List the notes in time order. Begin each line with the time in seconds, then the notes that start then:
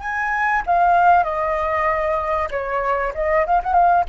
0.00 G#5
0.67 F5
1.24 D#5
2.51 C#5
3.15 D#5
3.47 F5
3.64 F#5
3.74 F5